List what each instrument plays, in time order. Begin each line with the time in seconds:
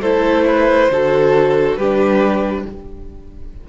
0.00 cello A3, viola E4, violin A4 C5
0.47 violin B4
0.90 cello D3, viola F#4, violin A4
1.76 cello G3, viola D4, violin G4 B4